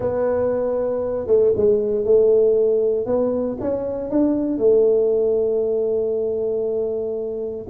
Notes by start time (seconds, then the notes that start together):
0.00 B3
1.26 A3
1.56 G#3
2.04 A3
3.06 B3
3.60 C#4
4.10 D4
4.58 A3